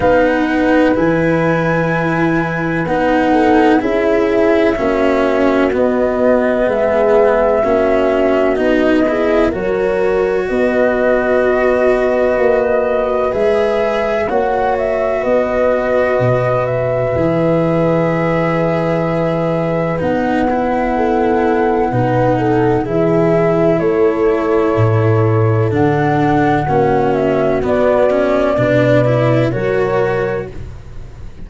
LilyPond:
<<
  \new Staff \with { instrumentName = "flute" } { \time 4/4 \tempo 4 = 63 fis''4 gis''2 fis''4 | e''2 dis''4 e''4~ | e''4 dis''4 cis''4 dis''4~ | dis''2 e''4 fis''8 e''8 |
dis''4. e''2~ e''8~ | e''4 fis''2. | e''4 cis''2 fis''4~ | fis''8 e''8 d''2 cis''4 | }
  \new Staff \with { instrumentName = "horn" } { \time 4/4 b'2.~ b'8 a'8 | gis'4 fis'2 gis'4 | fis'4. gis'8 ais'4 b'4~ | b'2. cis''4 |
b'1~ | b'2 a'4 b'8 a'8 | gis'4 a'2. | fis'2 b'4 ais'4 | }
  \new Staff \with { instrumentName = "cello" } { \time 4/4 dis'4 e'2 dis'4 | e'4 cis'4 b2 | cis'4 dis'8 e'8 fis'2~ | fis'2 gis'4 fis'4~ |
fis'2 gis'2~ | gis'4 dis'8 e'4. dis'4 | e'2. d'4 | cis'4 b8 cis'8 d'8 e'8 fis'4 | }
  \new Staff \with { instrumentName = "tuba" } { \time 4/4 b4 e2 b4 | cis'4 ais4 b4 gis4 | ais4 b4 fis4 b4~ | b4 ais4 gis4 ais4 |
b4 b,4 e2~ | e4 b2 b,4 | e4 a4 a,4 d4 | ais4 b4 b,4 fis4 | }
>>